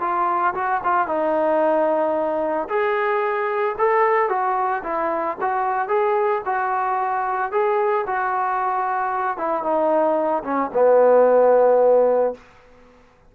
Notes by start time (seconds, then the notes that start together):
0.00 F4
0.54 F#4
0.83 F4
1.07 D#4
2.69 G#4
3.78 A4
4.29 F#4
4.83 E4
5.41 F#4
5.88 G#4
6.45 F#4
7.51 G#4
8.06 F#4
9.37 E4
9.63 D#4
10.44 C#4
10.73 B3